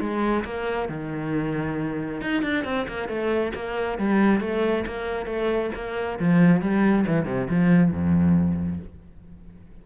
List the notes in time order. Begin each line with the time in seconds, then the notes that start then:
0.00 G#3
0.45 A#3
0.89 D#3
2.21 D#4
2.42 D4
2.65 C4
2.88 A#3
3.08 A3
3.55 A#3
3.98 G3
4.41 A3
4.86 A#3
5.26 A3
5.75 A#3
6.19 F3
6.61 G3
7.07 E3
7.25 C3
7.50 F3
7.92 F2